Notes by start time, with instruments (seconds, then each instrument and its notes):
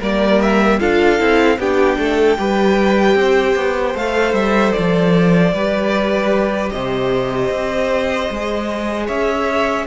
0.00 cello G3, viola A#3, violin A#4 D5
0.42 violin E5
0.80 cello D4, viola F4, violin A4 F5
1.19 cello C4, viola E4
1.58 cello B3, viola D4, violin G4 G5
1.98 cello A3, violin A4
2.38 cello G3, viola G4, violin B4
3.15 cello C4, violin C5
3.56 cello B3
3.95 cello A3, viola A4, violin F5
4.33 cello G3, violin E5
4.72 cello F3, violin D5
5.53 cello G3, viola G4, violin B4
6.70 cello C3, violin C5 D#5
7.50 cello C4
8.30 cello G#3, viola G#4
9.06 cello C#4, violin C#5 E5